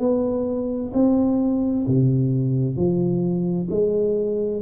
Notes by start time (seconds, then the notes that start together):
0.00 B3
0.94 C4
1.88 C3
2.77 F3
3.70 G#3